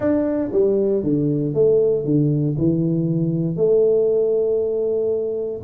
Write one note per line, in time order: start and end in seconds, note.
0.00 0.51 D4
0.52 1.03 G3
1.03 1.54 D3
1.54 2.04 A3
2.04 2.55 D3
2.58 3.56 E3
3.56 5.61 A3